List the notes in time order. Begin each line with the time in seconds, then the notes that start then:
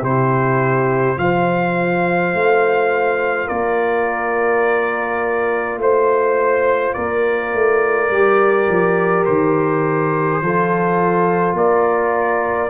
0.00 C3 E4 G4 C5
1.16 F3 F4 C5 F5
2.33 A3
3.47 A#3 A#4 D5
5.76 A3 C5
6.93 A#3 A#4 D5
7.54 A3
8.10 G3 G4
8.69 F3
9.25 D#3 C5
10.41 F3 F4 A4
11.53 A#3 A#4 D5